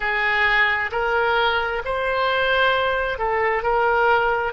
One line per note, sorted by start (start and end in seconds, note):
0.00 0.90 G#4
0.91 1.82 A#4
1.84 3.18 C5
3.18 3.62 A4
3.62 4.52 A#4